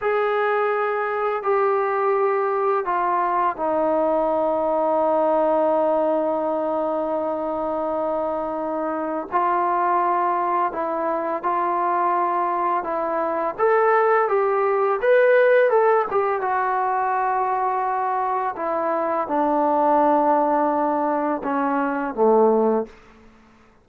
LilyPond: \new Staff \with { instrumentName = "trombone" } { \time 4/4 \tempo 4 = 84 gis'2 g'2 | f'4 dis'2.~ | dis'1~ | dis'4 f'2 e'4 |
f'2 e'4 a'4 | g'4 b'4 a'8 g'8 fis'4~ | fis'2 e'4 d'4~ | d'2 cis'4 a4 | }